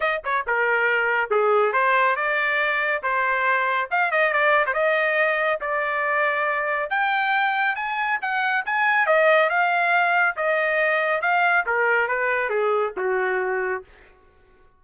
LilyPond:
\new Staff \with { instrumentName = "trumpet" } { \time 4/4 \tempo 4 = 139 dis''8 cis''8 ais'2 gis'4 | c''4 d''2 c''4~ | c''4 f''8 dis''8 d''8. c''16 dis''4~ | dis''4 d''2. |
g''2 gis''4 fis''4 | gis''4 dis''4 f''2 | dis''2 f''4 ais'4 | b'4 gis'4 fis'2 | }